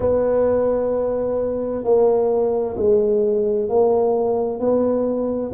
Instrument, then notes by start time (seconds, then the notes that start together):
tuba
0.00 B3
1.83 A#3
2.77 G#3
3.69 A#3
4.59 B3